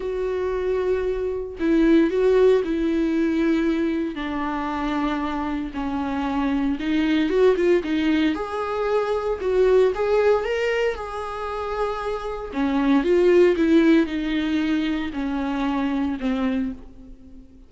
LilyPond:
\new Staff \with { instrumentName = "viola" } { \time 4/4 \tempo 4 = 115 fis'2. e'4 | fis'4 e'2. | d'2. cis'4~ | cis'4 dis'4 fis'8 f'8 dis'4 |
gis'2 fis'4 gis'4 | ais'4 gis'2. | cis'4 f'4 e'4 dis'4~ | dis'4 cis'2 c'4 | }